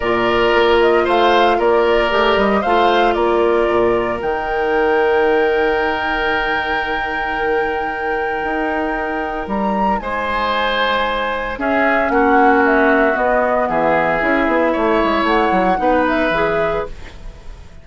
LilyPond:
<<
  \new Staff \with { instrumentName = "flute" } { \time 4/4 \tempo 4 = 114 d''4. dis''8 f''4 d''4~ | d''8 dis''8 f''4 d''2 | g''1~ | g''1~ |
g''2 ais''4 gis''4~ | gis''2 e''4 fis''4 | e''4 dis''4 e''2~ | e''4 fis''4. e''4. | }
  \new Staff \with { instrumentName = "oboe" } { \time 4/4 ais'2 c''4 ais'4~ | ais'4 c''4 ais'2~ | ais'1~ | ais'1~ |
ais'2. c''4~ | c''2 gis'4 fis'4~ | fis'2 gis'2 | cis''2 b'2 | }
  \new Staff \with { instrumentName = "clarinet" } { \time 4/4 f'1 | g'4 f'2. | dis'1~ | dis'1~ |
dis'1~ | dis'2 cis'2~ | cis'4 b2 e'4~ | e'2 dis'4 gis'4 | }
  \new Staff \with { instrumentName = "bassoon" } { \time 4/4 ais,4 ais4 a4 ais4 | a8 g8 a4 ais4 ais,4 | dis1~ | dis1 |
dis'2 g4 gis4~ | gis2 cis'4 ais4~ | ais4 b4 e4 cis'8 b8 | a8 gis8 a8 fis8 b4 e4 | }
>>